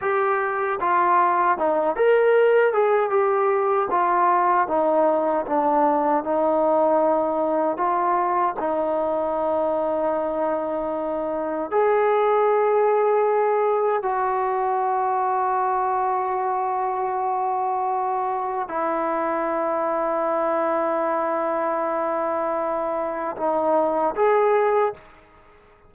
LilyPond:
\new Staff \with { instrumentName = "trombone" } { \time 4/4 \tempo 4 = 77 g'4 f'4 dis'8 ais'4 gis'8 | g'4 f'4 dis'4 d'4 | dis'2 f'4 dis'4~ | dis'2. gis'4~ |
gis'2 fis'2~ | fis'1 | e'1~ | e'2 dis'4 gis'4 | }